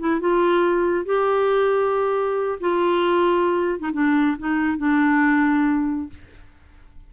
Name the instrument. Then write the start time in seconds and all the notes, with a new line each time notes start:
clarinet
0.00 E4
0.21 F4
1.06 G4
2.61 F4
3.80 D#4
3.94 D4
4.39 D#4
4.78 D4